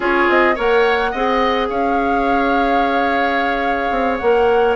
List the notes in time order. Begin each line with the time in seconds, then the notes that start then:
0.00 C#4 F4 G#4 C#5
0.28 C4 D#5
0.55 A#3 A#4 C#5 F#5
1.11 C4 G#4 D#5
1.68 C#4 C#5 F5
3.91 C4
4.18 A#3 A#4 F#5